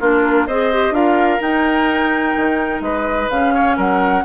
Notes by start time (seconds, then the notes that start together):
0.00 A#3 D4 F4 A#4
0.47 C4 G#4 C5 D#5
0.73 G4
0.91 D4 F4 A#4 F5
1.39 D#4 G5
2.36 D#3
2.80 G#3 B4 D#5
3.30 C#3 C#4 F5
3.54 C#5
3.77 F#3 A#4 F#5